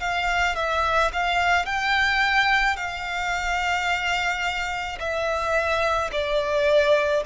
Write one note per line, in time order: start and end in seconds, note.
0.00 0.56 F5
0.56 1.11 E5
1.12 1.65 F5
1.65 2.76 G5
2.76 4.98 F5
4.99 6.10 E5
6.12 7.23 D5